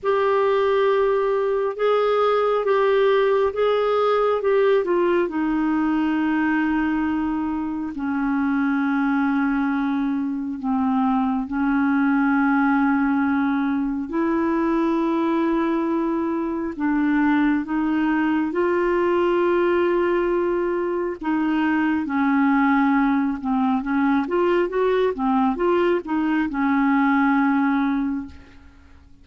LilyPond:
\new Staff \with { instrumentName = "clarinet" } { \time 4/4 \tempo 4 = 68 g'2 gis'4 g'4 | gis'4 g'8 f'8 dis'2~ | dis'4 cis'2. | c'4 cis'2. |
e'2. d'4 | dis'4 f'2. | dis'4 cis'4. c'8 cis'8 f'8 | fis'8 c'8 f'8 dis'8 cis'2 | }